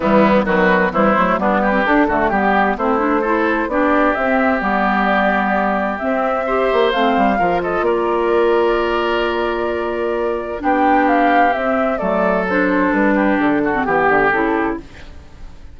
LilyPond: <<
  \new Staff \with { instrumentName = "flute" } { \time 4/4 \tempo 4 = 130 e'4 b'4 c''4 b'4 | a'4 g'4 c''2 | d''4 e''4 d''2~ | d''4 e''2 f''4~ |
f''8 dis''8 d''2.~ | d''2. g''4 | f''4 e''4 d''4 c''4 | b'4 a'4 g'4 a'4 | }
  \new Staff \with { instrumentName = "oboe" } { \time 4/4 b4 fis'4 e'4 d'8 g'8~ | g'8 fis'8 g'4 e'4 a'4 | g'1~ | g'2 c''2 |
ais'8 a'8 ais'2.~ | ais'2. g'4~ | g'2 a'2~ | a'8 g'4 fis'8 g'2 | }
  \new Staff \with { instrumentName = "clarinet" } { \time 4/4 g4 fis4 g8 a8 b8. c'16 | d'8 a8 b4 c'8 d'8 e'4 | d'4 c'4 b2~ | b4 c'4 g'4 c'4 |
f'1~ | f'2. d'4~ | d'4 c'4 a4 d'4~ | d'4.~ d'16 c'16 b4 e'4 | }
  \new Staff \with { instrumentName = "bassoon" } { \time 4/4 e4 dis4 e8 fis8 g4 | d'8 d8 g4 a2 | b4 c'4 g2~ | g4 c'4. ais8 a8 g8 |
f4 ais2.~ | ais2. b4~ | b4 c'4 fis2 | g4 d4 e8 d8 cis4 | }
>>